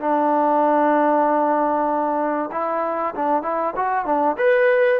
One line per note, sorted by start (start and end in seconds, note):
0.00 2.50 D4
2.52 3.14 E4
3.15 3.42 D4
3.42 3.74 E4
3.76 4.05 F#4
4.05 4.36 D4
4.38 5.00 B4